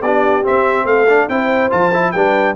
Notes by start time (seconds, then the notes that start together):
0.00 B3 D4 G4 D5
0.43 C4 E5
0.85 A3 A4 F5
1.09 D4
1.29 C4 E4 C5 G5
1.70 F3 F4 A5
1.93 E4
2.11 G3 D4 B4 G5